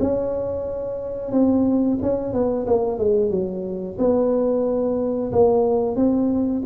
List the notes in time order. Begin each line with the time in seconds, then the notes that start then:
0.00 C#4
1.32 C4
2.02 C#4
2.33 B3
2.67 A#3
2.98 G#3
3.31 F#3
3.98 B3
5.32 A#3
5.96 C4